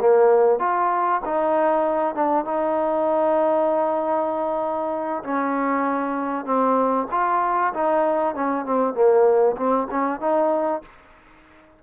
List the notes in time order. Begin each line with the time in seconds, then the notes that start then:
0.00 A#3
0.60 F4
1.25 D#4
2.15 D4
2.45 D#4
5.24 C#4
6.46 C4
7.11 F4
7.74 D#4
8.35 C#4
8.65 C4
8.94 A#3
9.57 C4
9.91 C#4
10.20 D#4